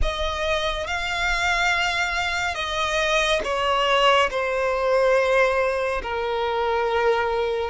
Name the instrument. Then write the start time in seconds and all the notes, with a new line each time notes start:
violin
0.02 D#5
0.86 F5
2.54 D#5
3.44 C#5
4.30 C5
6.02 A#4